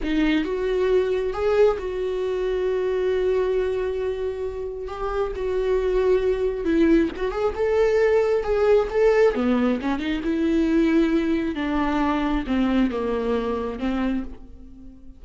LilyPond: \new Staff \with { instrumentName = "viola" } { \time 4/4 \tempo 4 = 135 dis'4 fis'2 gis'4 | fis'1~ | fis'2. g'4 | fis'2. e'4 |
fis'8 gis'8 a'2 gis'4 | a'4 b4 cis'8 dis'8 e'4~ | e'2 d'2 | c'4 ais2 c'4 | }